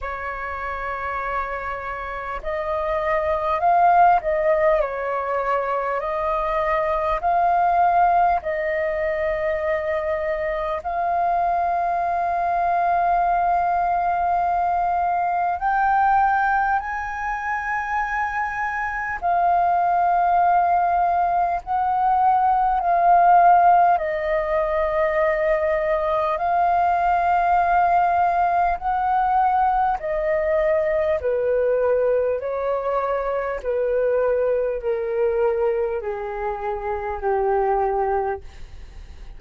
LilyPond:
\new Staff \with { instrumentName = "flute" } { \time 4/4 \tempo 4 = 50 cis''2 dis''4 f''8 dis''8 | cis''4 dis''4 f''4 dis''4~ | dis''4 f''2.~ | f''4 g''4 gis''2 |
f''2 fis''4 f''4 | dis''2 f''2 | fis''4 dis''4 b'4 cis''4 | b'4 ais'4 gis'4 g'4 | }